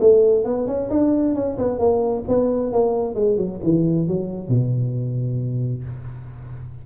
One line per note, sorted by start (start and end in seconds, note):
0.00 0.45 A3
0.45 0.67 B3
0.67 0.90 C#4
0.90 1.35 D4
1.35 1.57 C#4
1.58 1.79 B3
1.79 2.24 A#3
2.28 2.73 B3
2.73 3.15 A#3
3.15 3.37 G#3
3.37 3.60 F#3
3.63 4.08 E3
4.08 4.49 F#3
4.49 5.84 B2